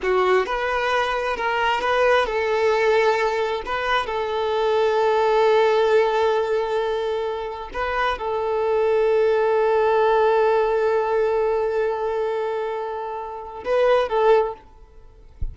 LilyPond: \new Staff \with { instrumentName = "violin" } { \time 4/4 \tempo 4 = 132 fis'4 b'2 ais'4 | b'4 a'2. | b'4 a'2.~ | a'1~ |
a'4 b'4 a'2~ | a'1~ | a'1~ | a'2 b'4 a'4 | }